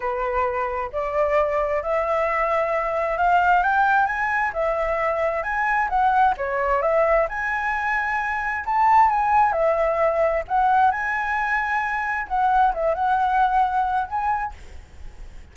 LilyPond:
\new Staff \with { instrumentName = "flute" } { \time 4/4 \tempo 4 = 132 b'2 d''2 | e''2. f''4 | g''4 gis''4 e''2 | gis''4 fis''4 cis''4 e''4 |
gis''2. a''4 | gis''4 e''2 fis''4 | gis''2. fis''4 | e''8 fis''2~ fis''8 gis''4 | }